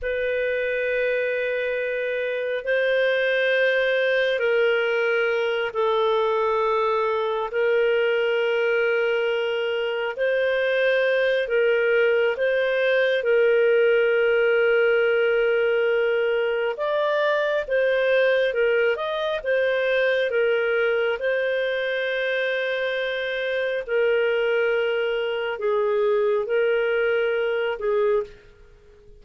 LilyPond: \new Staff \with { instrumentName = "clarinet" } { \time 4/4 \tempo 4 = 68 b'2. c''4~ | c''4 ais'4. a'4.~ | a'8 ais'2. c''8~ | c''4 ais'4 c''4 ais'4~ |
ais'2. d''4 | c''4 ais'8 dis''8 c''4 ais'4 | c''2. ais'4~ | ais'4 gis'4 ais'4. gis'8 | }